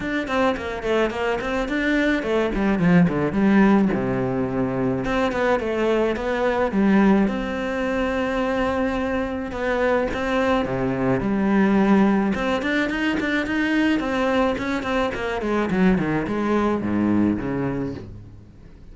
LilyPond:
\new Staff \with { instrumentName = "cello" } { \time 4/4 \tempo 4 = 107 d'8 c'8 ais8 a8 ais8 c'8 d'4 | a8 g8 f8 d8 g4 c4~ | c4 c'8 b8 a4 b4 | g4 c'2.~ |
c'4 b4 c'4 c4 | g2 c'8 d'8 dis'8 d'8 | dis'4 c'4 cis'8 c'8 ais8 gis8 | fis8 dis8 gis4 gis,4 cis4 | }